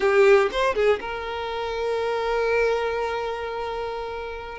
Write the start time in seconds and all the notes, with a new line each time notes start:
0.00 G4
0.51 C5
0.74 G#4
1.00 A#4